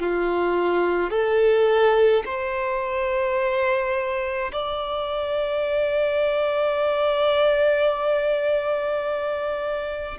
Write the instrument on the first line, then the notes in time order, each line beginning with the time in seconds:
violin
0.00 F4
1.11 A4
2.26 C5
4.53 D5